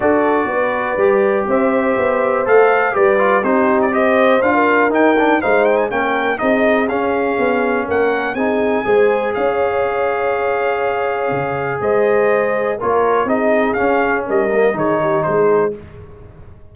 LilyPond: <<
  \new Staff \with { instrumentName = "trumpet" } { \time 4/4 \tempo 4 = 122 d''2. e''4~ | e''4 f''4 d''4 c''8. d''16 | dis''4 f''4 g''4 f''8 g''16 gis''16 | g''4 dis''4 f''2 |
fis''4 gis''2 f''4~ | f''1 | dis''2 cis''4 dis''4 | f''4 dis''4 cis''4 c''4 | }
  \new Staff \with { instrumentName = "horn" } { \time 4/4 a'4 b'2 c''4~ | c''2 b'4 g'4 | c''4~ c''16 ais'4.~ ais'16 c''4 | ais'4 gis'2. |
ais'4 gis'4 c''4 cis''4~ | cis''1 | c''2 ais'4 gis'4~ | gis'4 ais'4 gis'8 g'8 gis'4 | }
  \new Staff \with { instrumentName = "trombone" } { \time 4/4 fis'2 g'2~ | g'4 a'4 g'8 f'8 dis'4 | g'4 f'4 dis'8 d'8 dis'4 | cis'4 dis'4 cis'2~ |
cis'4 dis'4 gis'2~ | gis'1~ | gis'2 f'4 dis'4 | cis'4. ais8 dis'2 | }
  \new Staff \with { instrumentName = "tuba" } { \time 4/4 d'4 b4 g4 c'4 | b4 a4 g4 c'4~ | c'4 d'4 dis'4 gis4 | ais4 c'4 cis'4 b4 |
ais4 c'4 gis4 cis'4~ | cis'2. cis4 | gis2 ais4 c'4 | cis'4 g4 dis4 gis4 | }
>>